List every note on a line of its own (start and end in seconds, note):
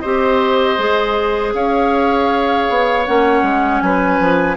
0.00 0.78 C4
0.00 0.78 G4
0.00 1.54 C5
0.00 1.52 D#5
0.78 1.54 G#3
0.78 3.06 G#4
1.54 2.68 C#4
1.54 3.84 C#5
1.54 3.06 F5
2.70 3.08 B3
3.06 3.43 A#3
3.06 4.57 C#4
3.06 3.80 F#5
3.43 3.81 G#3
3.80 4.20 F#3
3.80 4.57 B4
3.80 4.56 G#5
4.20 4.57 F3